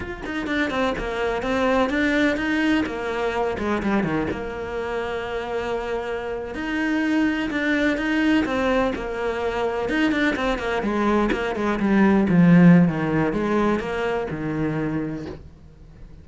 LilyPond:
\new Staff \with { instrumentName = "cello" } { \time 4/4 \tempo 4 = 126 f'8 dis'8 d'8 c'8 ais4 c'4 | d'4 dis'4 ais4. gis8 | g8 dis8 ais2.~ | ais4.~ ais16 dis'2 d'16~ |
d'8. dis'4 c'4 ais4~ ais16~ | ais8. dis'8 d'8 c'8 ais8 gis4 ais16~ | ais16 gis8 g4 f4~ f16 dis4 | gis4 ais4 dis2 | }